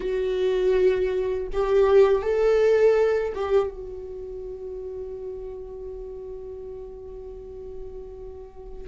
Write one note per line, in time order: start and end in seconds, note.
0.00 1.47 F#4
1.53 2.22 G4
2.22 3.33 A4
3.34 3.70 G4
3.70 8.88 F#4